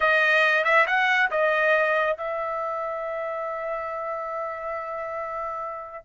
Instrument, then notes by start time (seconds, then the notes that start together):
trumpet
0.00 D#5
0.64 E5
0.87 F#5
1.30 D#5
2.17 E5